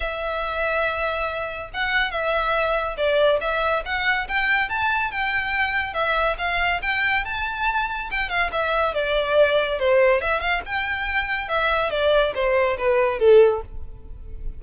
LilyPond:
\new Staff \with { instrumentName = "violin" } { \time 4/4 \tempo 4 = 141 e''1 | fis''4 e''2 d''4 | e''4 fis''4 g''4 a''4 | g''2 e''4 f''4 |
g''4 a''2 g''8 f''8 | e''4 d''2 c''4 | e''8 f''8 g''2 e''4 | d''4 c''4 b'4 a'4 | }